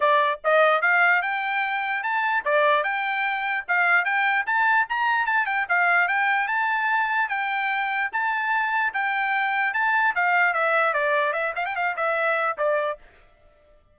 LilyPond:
\new Staff \with { instrumentName = "trumpet" } { \time 4/4 \tempo 4 = 148 d''4 dis''4 f''4 g''4~ | g''4 a''4 d''4 g''4~ | g''4 f''4 g''4 a''4 | ais''4 a''8 g''8 f''4 g''4 |
a''2 g''2 | a''2 g''2 | a''4 f''4 e''4 d''4 | e''8 f''16 g''16 f''8 e''4. d''4 | }